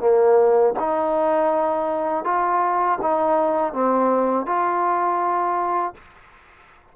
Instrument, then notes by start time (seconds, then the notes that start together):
trombone
0.00 A#3
0.80 D#4
2.25 F4
3.02 D#4
3.73 C4
4.46 F4